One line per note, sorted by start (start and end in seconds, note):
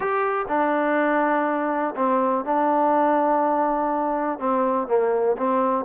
0.00 0.45 G4
0.48 1.94 D4
1.96 2.44 C4
2.44 4.39 D4
4.39 4.87 C4
4.87 5.36 A#3
5.37 5.85 C4